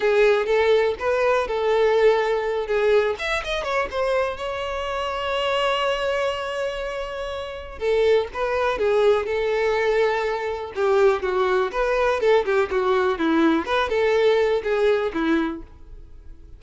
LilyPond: \new Staff \with { instrumentName = "violin" } { \time 4/4 \tempo 4 = 123 gis'4 a'4 b'4 a'4~ | a'4. gis'4 e''8 dis''8 cis''8 | c''4 cis''2.~ | cis''1 |
a'4 b'4 gis'4 a'4~ | a'2 g'4 fis'4 | b'4 a'8 g'8 fis'4 e'4 | b'8 a'4. gis'4 e'4 | }